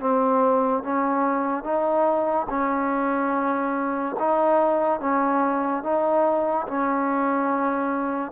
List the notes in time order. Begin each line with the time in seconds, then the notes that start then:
0.00 C4
0.83 C#4
1.64 D#4
2.49 C#4
4.19 D#4
5.00 C#4
5.83 D#4
6.67 C#4